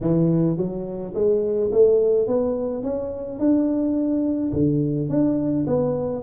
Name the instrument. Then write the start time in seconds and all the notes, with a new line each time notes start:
tuba
0.00 E3
0.57 F#3
1.14 G#3
1.72 A3
2.27 B3
2.83 C#4
3.39 D4
4.52 D3
5.09 D4
5.66 B3